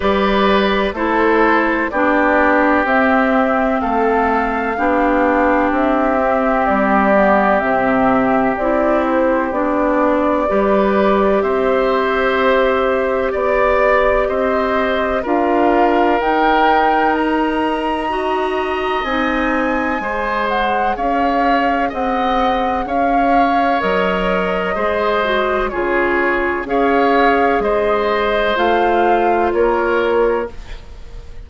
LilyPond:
<<
  \new Staff \with { instrumentName = "flute" } { \time 4/4 \tempo 4 = 63 d''4 c''4 d''4 e''4 | f''2 e''4 d''4 | e''4 d''8 c''8 d''2 | e''2 d''4 dis''4 |
f''4 g''4 ais''2 | gis''4. fis''8 f''4 fis''4 | f''4 dis''2 cis''4 | f''4 dis''4 f''4 cis''4 | }
  \new Staff \with { instrumentName = "oboe" } { \time 4/4 b'4 a'4 g'2 | a'4 g'2.~ | g'2. b'4 | c''2 d''4 c''4 |
ais'2. dis''4~ | dis''4 c''4 cis''4 dis''4 | cis''2 c''4 gis'4 | cis''4 c''2 ais'4 | }
  \new Staff \with { instrumentName = "clarinet" } { \time 4/4 g'4 e'4 d'4 c'4~ | c'4 d'4. c'4 b8 | c'4 e'4 d'4 g'4~ | g'1 |
f'4 dis'2 fis'4 | dis'4 gis'2.~ | gis'4 ais'4 gis'8 fis'8 f'4 | gis'2 f'2 | }
  \new Staff \with { instrumentName = "bassoon" } { \time 4/4 g4 a4 b4 c'4 | a4 b4 c'4 g4 | c4 c'4 b4 g4 | c'2 b4 c'4 |
d'4 dis'2. | c'4 gis4 cis'4 c'4 | cis'4 fis4 gis4 cis4 | cis'4 gis4 a4 ais4 | }
>>